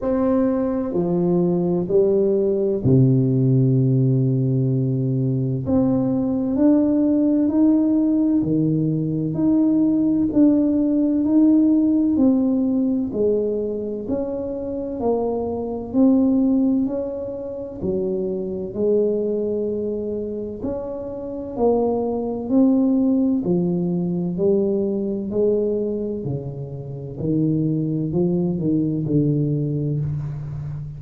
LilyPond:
\new Staff \with { instrumentName = "tuba" } { \time 4/4 \tempo 4 = 64 c'4 f4 g4 c4~ | c2 c'4 d'4 | dis'4 dis4 dis'4 d'4 | dis'4 c'4 gis4 cis'4 |
ais4 c'4 cis'4 fis4 | gis2 cis'4 ais4 | c'4 f4 g4 gis4 | cis4 dis4 f8 dis8 d4 | }